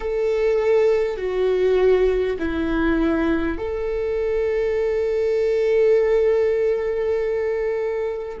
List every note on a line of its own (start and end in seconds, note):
0.00 1.17 A4
1.17 2.37 F#4
2.38 3.58 E4
3.58 8.38 A4